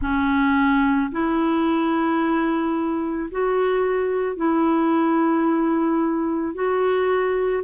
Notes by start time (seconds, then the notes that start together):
0.01 C#4
1.12 E4
3.31 F#4
4.36 E4
6.54 F#4